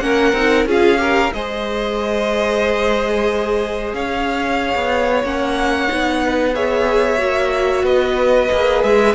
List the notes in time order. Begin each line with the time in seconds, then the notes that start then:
0.00 A#3 C#4 A#4 F#5
0.33 C4 D#4
0.65 C#4 F4 G#4 F5
0.97 G4 A#4
1.33 G#3 G#4 C5 D#5
3.93 C#4 C#5 F5
4.75 B3
5.24 A#3 C#4 F#5
5.88 B3 D#4
6.24 B4
6.54 G#4 C#5 E5
7.18 A#3 F#4
7.83 B3 B4 D#5
8.52 A#3 G#4
8.83 G#3 E5